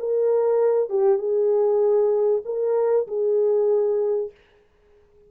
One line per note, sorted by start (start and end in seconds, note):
0.00 0.90 A#4
0.90 1.19 G4
1.19 2.43 G#4
2.45 3.07 A#4
3.08 4.32 G#4